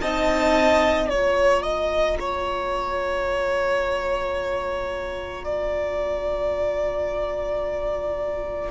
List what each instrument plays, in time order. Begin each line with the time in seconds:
0.00 cello C4, viola D#4, violin D#5 A5
1.07 cello A#3, viola F4, violin C#5 A#5
1.62 violin D#5
2.19 violin C#5
5.43 violin D5